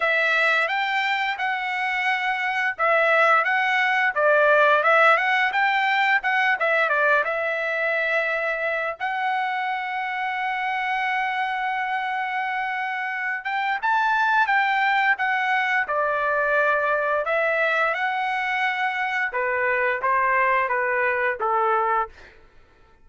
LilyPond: \new Staff \with { instrumentName = "trumpet" } { \time 4/4 \tempo 4 = 87 e''4 g''4 fis''2 | e''4 fis''4 d''4 e''8 fis''8 | g''4 fis''8 e''8 d''8 e''4.~ | e''4 fis''2.~ |
fis''2.~ fis''8 g''8 | a''4 g''4 fis''4 d''4~ | d''4 e''4 fis''2 | b'4 c''4 b'4 a'4 | }